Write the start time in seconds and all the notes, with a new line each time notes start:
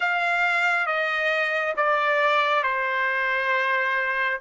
0.00 F5
0.86 D#5
1.76 D5
2.63 C5